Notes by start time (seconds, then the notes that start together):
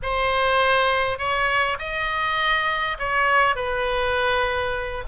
0.02 C5
1.18 C#5
1.78 D#5
2.99 C#5
3.55 B4